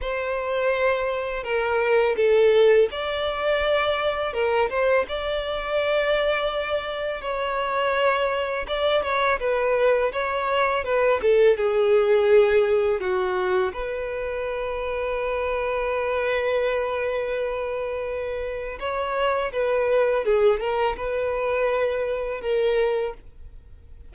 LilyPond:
\new Staff \with { instrumentName = "violin" } { \time 4/4 \tempo 4 = 83 c''2 ais'4 a'4 | d''2 ais'8 c''8 d''4~ | d''2 cis''2 | d''8 cis''8 b'4 cis''4 b'8 a'8 |
gis'2 fis'4 b'4~ | b'1~ | b'2 cis''4 b'4 | gis'8 ais'8 b'2 ais'4 | }